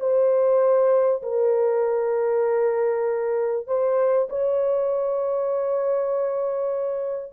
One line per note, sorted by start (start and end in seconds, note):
0.00 1.22 C5
1.23 3.67 A#4
3.67 4.28 C5
4.29 7.33 C#5